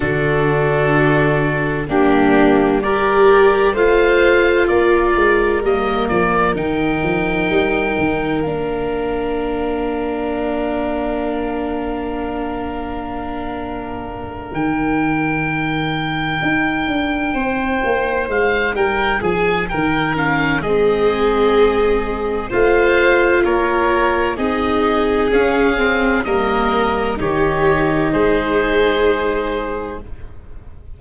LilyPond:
<<
  \new Staff \with { instrumentName = "oboe" } { \time 4/4 \tempo 4 = 64 a'2 g'4 d''4 | f''4 d''4 dis''8 d''8 g''4~ | g''4 f''2.~ | f''2.~ f''8 g''8~ |
g''2.~ g''8 f''8 | g''8 gis''8 g''8 f''8 dis''2 | f''4 cis''4 dis''4 f''4 | dis''4 cis''4 c''2 | }
  \new Staff \with { instrumentName = "violin" } { \time 4/4 fis'2 d'4 ais'4 | c''4 ais'2.~ | ais'1~ | ais'1~ |
ais'2~ ais'8 c''4. | ais'8 gis'8 ais'4 gis'2 | c''4 ais'4 gis'2 | ais'4 g'4 gis'2 | }
  \new Staff \with { instrumentName = "viola" } { \time 4/4 d'2 ais4 g'4 | f'2 ais4 dis'4~ | dis'4 d'2.~ | d'2.~ d'8 dis'8~ |
dis'1~ | dis'4. cis'8 c'2 | f'2 dis'4 cis'8 c'8 | ais4 dis'2. | }
  \new Staff \with { instrumentName = "tuba" } { \time 4/4 d2 g2 | a4 ais8 gis8 g8 f8 dis8 f8 | g8 dis8 ais2.~ | ais2.~ ais8 dis8~ |
dis4. dis'8 d'8 c'8 ais8 gis8 | g8 f8 dis4 gis2 | a4 ais4 c'4 cis'4 | g4 dis4 gis2 | }
>>